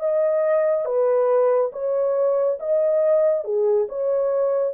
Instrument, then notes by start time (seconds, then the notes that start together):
horn
0.00 D#5
0.85 B4
1.73 C#5
2.60 D#5
3.45 G#4
3.89 C#5